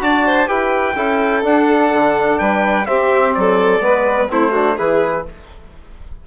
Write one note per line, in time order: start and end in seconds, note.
0.00 0.49 D4
0.00 0.47 F#4
0.00 0.27 D5
0.00 0.49 A5
0.27 0.49 C5
0.47 0.96 E4
0.47 0.94 G4
0.47 0.96 B4
0.47 1.44 G5
0.96 1.44 C#4
0.96 1.43 E4
0.96 2.40 A4
1.43 2.86 D4
1.43 1.92 D4
1.43 2.39 F#5
1.93 2.40 D3
2.39 2.88 G3
2.39 2.88 B4
2.39 2.86 G5
2.86 3.81 C4
2.86 3.35 C4
2.86 3.37 G4
2.86 3.34 E5
3.35 3.81 F#3
3.35 3.85 A4
3.35 4.30 D5
3.81 4.29 G#3
3.81 4.28 B3
3.81 4.32 B4
4.29 4.78 A3
4.29 4.53 C4
4.29 4.52 E4
4.29 4.79 C5
4.52 4.78 D4
4.52 4.76 F#4
4.77 5.27 E3
4.77 5.26 E4
4.77 5.24 G#4
4.77 5.26 B4